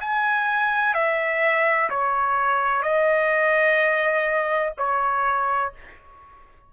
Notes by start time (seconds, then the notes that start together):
0.00 G#5
0.94 E5
1.90 C#5
2.83 D#5
4.78 C#5